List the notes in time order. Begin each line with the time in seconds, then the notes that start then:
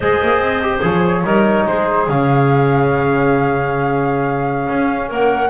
0.00 G#3 G#4 C5 D#5
0.22 A#3
0.38 C4
0.62 G4
0.81 F3 G#4 C#5
1.24 G3 D#4 A#4
1.66 G#3 G#4 C5
2.08 C#3 C#4 F5
4.68 C#4
5.08 A#3 A#4 F#5